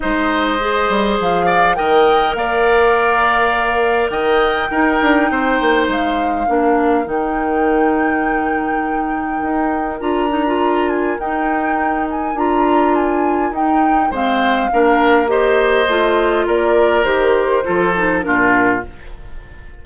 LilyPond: <<
  \new Staff \with { instrumentName = "flute" } { \time 4/4 \tempo 4 = 102 dis''2 f''4 g''4 | f''2. g''4~ | g''2 f''2 | g''1~ |
g''4 ais''4. gis''8 g''4~ | g''8 gis''8 ais''4 gis''4 g''4 | f''2 dis''2 | d''4 c''2 ais'4 | }
  \new Staff \with { instrumentName = "oboe" } { \time 4/4 c''2~ c''8 d''8 dis''4 | d''2. dis''4 | ais'4 c''2 ais'4~ | ais'1~ |
ais'1~ | ais'1 | c''4 ais'4 c''2 | ais'2 a'4 f'4 | }
  \new Staff \with { instrumentName = "clarinet" } { \time 4/4 dis'4 gis'2 ais'4~ | ais'1 | dis'2. d'4 | dis'1~ |
dis'4 f'8 dis'16 f'4~ f'16 dis'4~ | dis'4 f'2 dis'4 | c'4 d'4 g'4 f'4~ | f'4 g'4 f'8 dis'8 d'4 | }
  \new Staff \with { instrumentName = "bassoon" } { \time 4/4 gis4. g8 f4 dis4 | ais2. dis4 | dis'8 d'8 c'8 ais8 gis4 ais4 | dis1 |
dis'4 d'2 dis'4~ | dis'4 d'2 dis'4 | gis4 ais2 a4 | ais4 dis4 f4 ais,4 | }
>>